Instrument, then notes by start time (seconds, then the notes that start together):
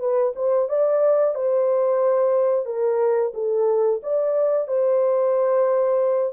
horn
0.00 B4
0.36 C5
0.69 D5
1.35 C5
2.66 A#4
3.34 A4
4.03 D5
4.68 C5